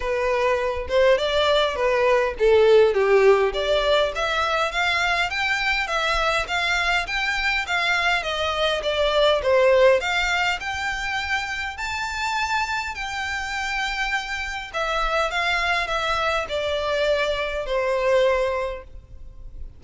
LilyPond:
\new Staff \with { instrumentName = "violin" } { \time 4/4 \tempo 4 = 102 b'4. c''8 d''4 b'4 | a'4 g'4 d''4 e''4 | f''4 g''4 e''4 f''4 | g''4 f''4 dis''4 d''4 |
c''4 f''4 g''2 | a''2 g''2~ | g''4 e''4 f''4 e''4 | d''2 c''2 | }